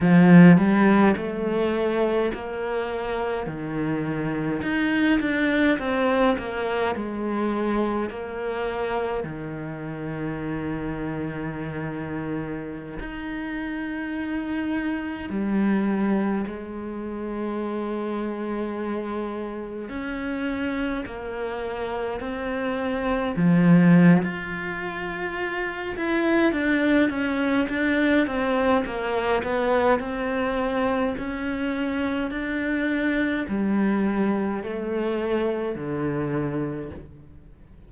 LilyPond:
\new Staff \with { instrumentName = "cello" } { \time 4/4 \tempo 4 = 52 f8 g8 a4 ais4 dis4 | dis'8 d'8 c'8 ais8 gis4 ais4 | dis2.~ dis16 dis'8.~ | dis'4~ dis'16 g4 gis4.~ gis16~ |
gis4~ gis16 cis'4 ais4 c'8.~ | c'16 f8. f'4. e'8 d'8 cis'8 | d'8 c'8 ais8 b8 c'4 cis'4 | d'4 g4 a4 d4 | }